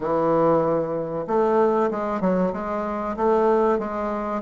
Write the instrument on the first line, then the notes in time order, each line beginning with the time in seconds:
bassoon
0.00 E3
1.27 A3
1.90 G#3
2.20 F#3
2.53 G#3
3.16 A3
3.78 G#3